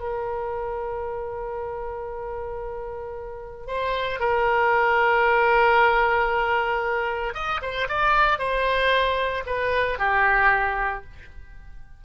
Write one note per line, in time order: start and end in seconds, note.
0.00 3.67 A#4
3.67 4.20 C5
4.20 7.34 A#4
7.34 7.61 D#5
7.62 7.88 C5
7.89 8.39 D5
8.39 9.44 C5
9.46 9.99 B4
9.99 11.04 G4